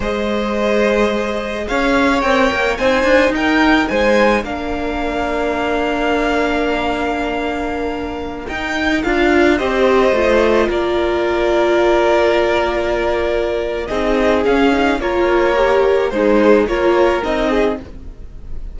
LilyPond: <<
  \new Staff \with { instrumentName = "violin" } { \time 4/4 \tempo 4 = 108 dis''2. f''4 | g''4 gis''4 g''4 gis''4 | f''1~ | f''2.~ f''16 g''8.~ |
g''16 f''4 dis''2 d''8.~ | d''1~ | d''4 dis''4 f''4 cis''4~ | cis''4 c''4 cis''4 dis''4 | }
  \new Staff \with { instrumentName = "violin" } { \time 4/4 c''2. cis''4~ | cis''4 c''4 ais'4 c''4 | ais'1~ | ais'1~ |
ais'4~ ais'16 c''2 ais'8.~ | ais'1~ | ais'4 gis'2 ais'4~ | ais'4 dis'4 ais'4. gis'8 | }
  \new Staff \with { instrumentName = "viola" } { \time 4/4 gis'1 | ais'4 dis'2. | d'1~ | d'2.~ d'16 dis'8.~ |
dis'16 f'4 g'4 f'4.~ f'16~ | f'1~ | f'4 dis'4 cis'8 dis'8 f'4 | g'4 gis'4 f'4 dis'4 | }
  \new Staff \with { instrumentName = "cello" } { \time 4/4 gis2. cis'4 | c'8 ais8 c'8 d'8 dis'4 gis4 | ais1~ | ais2.~ ais16 dis'8.~ |
dis'16 d'4 c'4 a4 ais8.~ | ais1~ | ais4 c'4 cis'4 ais4~ | ais4 gis4 ais4 c'4 | }
>>